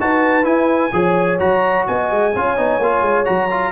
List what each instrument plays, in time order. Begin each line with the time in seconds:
0.00 tuba D#4, trombone F#4, horn B4, trumpet A5
0.44 trombone E4, tuba E4, trumpet G#5
0.92 tuba F3, trombone G#4, horn C#5
1.39 tuba F#3, trombone F#4, trumpet A#5
1.87 tuba B3, horn D#5, trumpet G#5
2.11 tuba G#3
2.34 tuba C#4, trombone F4, horn C#5
2.57 tuba B3, trombone D#4
2.79 tuba A#3, trombone F4
3.02 tuba G#3
3.25 tuba F#3, trombone F#4, trumpet A#5
3.51 trombone F4